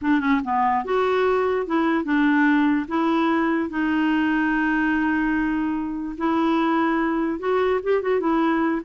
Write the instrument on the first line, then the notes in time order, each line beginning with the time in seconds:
clarinet
0.01 D4
0.20 C#4
0.44 B3
0.84 F#4
1.66 E4
2.04 D4
2.87 E4
3.69 D#4
6.17 E4
7.39 F#4
7.83 G4
8.02 F#4
8.20 E4